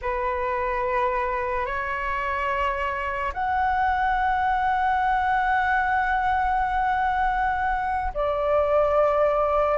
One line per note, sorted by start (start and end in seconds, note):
0.01 1.66 B4
1.66 3.32 C#5
3.33 8.12 F#5
8.14 9.78 D5